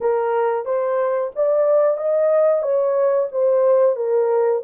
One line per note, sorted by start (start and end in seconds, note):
0.00 0.65 A#4
0.65 1.31 C5
1.35 1.97 D5
1.97 2.62 D#5
2.62 3.28 C#5
3.31 3.96 C5
3.96 4.62 A#4